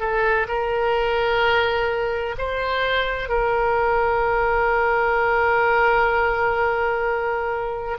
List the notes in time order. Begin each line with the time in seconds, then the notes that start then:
0.00 A4
0.48 A#4
2.38 C5
3.29 A#4